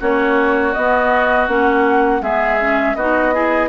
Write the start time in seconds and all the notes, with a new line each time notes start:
0.00 A#3 C#4 F#4 C#5
0.73 B3 D#5
1.48 A#3 C#4 F#5
2.21 G#3 B3 G#4 E5
2.60 C#4
2.95 B3 D#4 F#4 D#5
3.34 E4 G#4